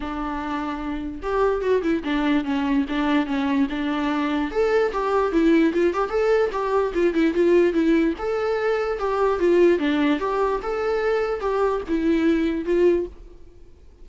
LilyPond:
\new Staff \with { instrumentName = "viola" } { \time 4/4 \tempo 4 = 147 d'2. g'4 | fis'8 e'8 d'4 cis'4 d'4 | cis'4 d'2 a'4 | g'4 e'4 f'8 g'8 a'4 |
g'4 f'8 e'8 f'4 e'4 | a'2 g'4 f'4 | d'4 g'4 a'2 | g'4 e'2 f'4 | }